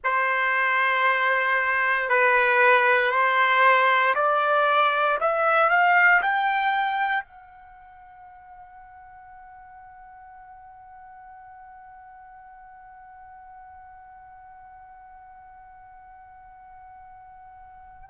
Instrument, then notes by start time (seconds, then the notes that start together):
trumpet
0.03 C5
2.09 B4
3.10 C5
4.14 D5
5.20 E5
5.69 F5
6.22 G5
7.24 F#5